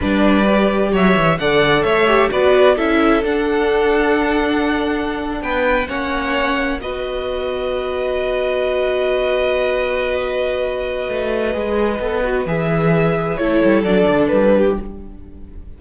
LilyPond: <<
  \new Staff \with { instrumentName = "violin" } { \time 4/4 \tempo 4 = 130 d''2 e''4 fis''4 | e''4 d''4 e''4 fis''4~ | fis''2.~ fis''8. g''16~ | g''8. fis''2 dis''4~ dis''16~ |
dis''1~ | dis''1~ | dis''2. e''4~ | e''4 cis''4 d''4 b'4 | }
  \new Staff \with { instrumentName = "violin" } { \time 4/4 b'2 cis''4 d''4 | cis''4 b'4 a'2~ | a'2.~ a'8. b'16~ | b'8. cis''2 b'4~ b'16~ |
b'1~ | b'1~ | b'1~ | b'4 a'2~ a'8 g'8 | }
  \new Staff \with { instrumentName = "viola" } { \time 4/4 d'4 g'2 a'4~ | a'8 g'8 fis'4 e'4 d'4~ | d'1~ | d'8. cis'2 fis'4~ fis'16~ |
fis'1~ | fis'1~ | fis'4 gis'4 a'8 fis'8 gis'4~ | gis'4 e'4 d'2 | }
  \new Staff \with { instrumentName = "cello" } { \time 4/4 g2 fis8 e8 d4 | a4 b4 cis'4 d'4~ | d'2.~ d'8. b16~ | b8. ais2 b4~ b16~ |
b1~ | b1 | a4 gis4 b4 e4~ | e4 a8 g8 fis8 d8 g4 | }
>>